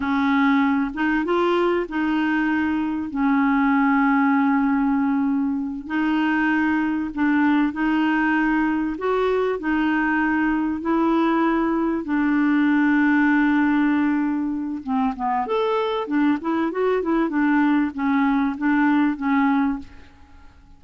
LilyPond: \new Staff \with { instrumentName = "clarinet" } { \time 4/4 \tempo 4 = 97 cis'4. dis'8 f'4 dis'4~ | dis'4 cis'2.~ | cis'4. dis'2 d'8~ | d'8 dis'2 fis'4 dis'8~ |
dis'4. e'2 d'8~ | d'1 | c'8 b8 a'4 d'8 e'8 fis'8 e'8 | d'4 cis'4 d'4 cis'4 | }